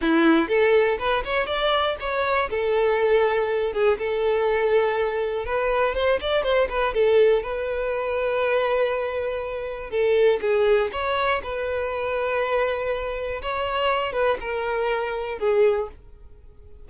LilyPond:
\new Staff \with { instrumentName = "violin" } { \time 4/4 \tempo 4 = 121 e'4 a'4 b'8 cis''8 d''4 | cis''4 a'2~ a'8 gis'8 | a'2. b'4 | c''8 d''8 c''8 b'8 a'4 b'4~ |
b'1 | a'4 gis'4 cis''4 b'4~ | b'2. cis''4~ | cis''8 b'8 ais'2 gis'4 | }